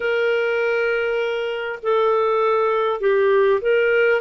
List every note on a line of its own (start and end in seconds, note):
0.00 1.79 A#4
1.82 3.00 A4
3.00 3.60 G4
3.61 4.20 A#4